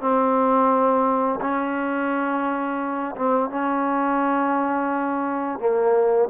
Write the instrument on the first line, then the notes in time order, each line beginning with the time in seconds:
trombone
0.00 C4
1.40 C#4
3.15 C4
3.50 C#4
5.59 A#3